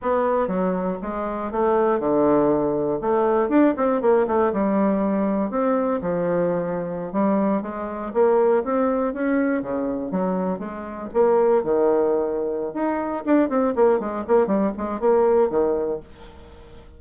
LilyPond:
\new Staff \with { instrumentName = "bassoon" } { \time 4/4 \tempo 4 = 120 b4 fis4 gis4 a4 | d2 a4 d'8 c'8 | ais8 a8 g2 c'4 | f2~ f16 g4 gis8.~ |
gis16 ais4 c'4 cis'4 cis8.~ | cis16 fis4 gis4 ais4 dis8.~ | dis4. dis'4 d'8 c'8 ais8 | gis8 ais8 g8 gis8 ais4 dis4 | }